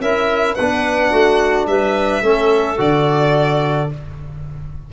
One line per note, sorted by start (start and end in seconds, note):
0.00 0.56 C#4
0.00 0.57 E4
0.00 0.55 A#4
0.00 0.55 E5
0.55 1.12 B3
0.55 2.23 D4
0.55 1.10 B4
0.55 1.66 F#5
1.11 1.67 A3
1.11 1.66 F#4
1.67 2.22 G3
1.67 2.24 B4
1.67 2.79 E5
2.22 2.78 A3
2.22 2.78 C#4
2.22 3.92 A4
2.78 3.90 D3
2.78 3.89 F#4
2.78 3.91 D5